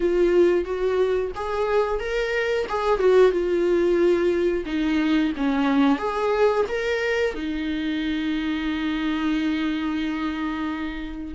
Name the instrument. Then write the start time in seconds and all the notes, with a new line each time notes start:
viola
0.00 F4
0.65 F#4
1.35 G#4
1.99 A#4
2.68 G#4
2.99 F#4
3.31 F4
4.65 D#4
5.36 C#4
5.98 G#4
6.68 A#4
7.34 D#4